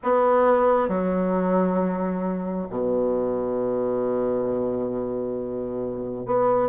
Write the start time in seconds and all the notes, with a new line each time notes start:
0.03 B3
0.88 F#3
2.69 B2
6.26 B3